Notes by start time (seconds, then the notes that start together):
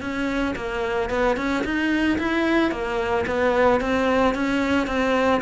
0.00 C#4
0.55 A#3
1.09 B3
1.36 C#4
1.64 D#4
2.18 E4
2.71 A#3
3.26 B3
3.80 C4
4.34 C#4
4.86 C4